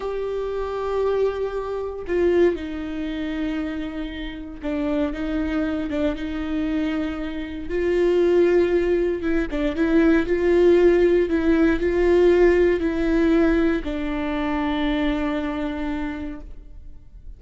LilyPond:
\new Staff \with { instrumentName = "viola" } { \time 4/4 \tempo 4 = 117 g'1 | f'4 dis'2.~ | dis'4 d'4 dis'4. d'8 | dis'2. f'4~ |
f'2 e'8 d'8 e'4 | f'2 e'4 f'4~ | f'4 e'2 d'4~ | d'1 | }